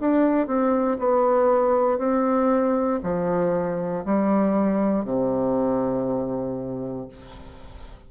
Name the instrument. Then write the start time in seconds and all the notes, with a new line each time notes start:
bassoon
0.00 D4
0.47 C4
0.98 B3
1.98 C4
3.03 F3
4.05 G3
5.04 C3